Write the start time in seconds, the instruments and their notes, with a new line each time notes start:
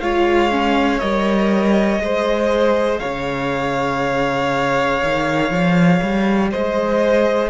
0.00 cello G#3, viola F4, violin C#5 F5
0.50 viola C#4
0.99 cello G3, viola A#4, violin D#5
1.99 cello G#3, viola G#4, violin C5
2.98 cello C#3, violin C#5 F5
5.03 cello D#3
5.50 cello F3
6.02 cello G3
6.51 cello G#3, violin C5 D#5